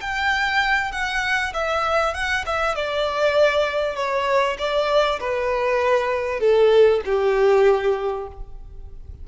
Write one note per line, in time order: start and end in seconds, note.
0.00 0.91 G5
0.91 1.53 F#5
1.53 2.13 E5
2.13 2.44 F#5
2.45 2.75 E5
2.75 3.95 D5
3.95 4.56 C#5
4.58 5.19 D5
5.20 6.40 B4
6.40 7.01 A4
7.05 8.27 G4